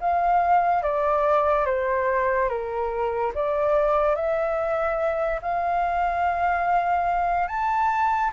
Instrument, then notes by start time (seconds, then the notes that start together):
flute
0.00 F5
0.82 D5
1.66 C5
2.48 A#4
3.34 D5
4.15 E5
5.41 F5
7.48 A5